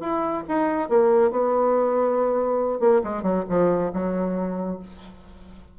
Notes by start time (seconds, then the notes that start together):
0.00 E4
0.48 D#4
0.89 A#3
1.31 B3
2.80 A#3
3.03 G#3
3.22 F#3
3.49 F3
3.93 F#3